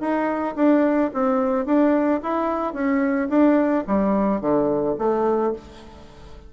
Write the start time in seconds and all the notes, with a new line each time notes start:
0.00 D#4
0.56 D4
1.14 C4
1.66 D4
2.23 E4
2.73 C#4
3.29 D4
3.87 G3
4.41 D3
4.98 A3